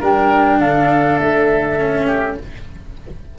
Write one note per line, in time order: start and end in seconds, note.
0.00 0.60 G3
0.00 1.79 D4
0.00 0.59 A#4
0.00 0.60 G5
0.60 1.19 D3
0.60 2.06 A4
0.60 1.19 F5
1.19 2.38 A3
1.19 2.36 E5
1.79 2.38 C#4
2.06 2.36 G4